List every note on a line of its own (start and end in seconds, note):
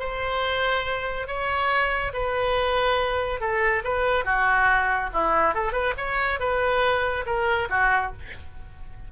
0.00 1.28 C5
1.28 2.13 C#5
2.14 3.41 B4
3.41 3.83 A4
3.85 4.25 B4
4.25 5.10 F#4
5.14 5.55 E4
5.55 5.73 A4
5.73 5.94 B4
5.98 6.40 C#5
6.40 7.25 B4
7.26 7.69 A#4
7.70 8.13 F#4